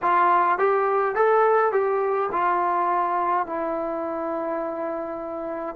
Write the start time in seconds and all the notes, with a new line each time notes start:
0.02 F4
0.58 G4
1.15 A4
1.72 G4
2.31 F4
3.46 E4